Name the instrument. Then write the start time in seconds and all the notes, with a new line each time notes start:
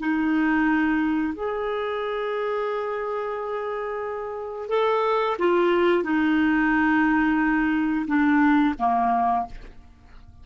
clarinet
0.00 D#4
1.34 G#4
4.69 A4
5.39 F4
6.04 D#4
8.07 D4
8.79 A#3